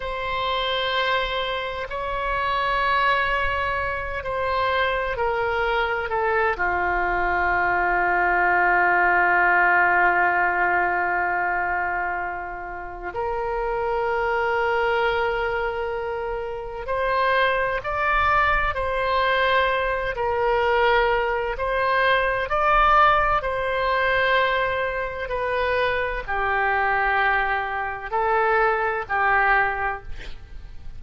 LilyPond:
\new Staff \with { instrumentName = "oboe" } { \time 4/4 \tempo 4 = 64 c''2 cis''2~ | cis''8 c''4 ais'4 a'8 f'4~ | f'1~ | f'2 ais'2~ |
ais'2 c''4 d''4 | c''4. ais'4. c''4 | d''4 c''2 b'4 | g'2 a'4 g'4 | }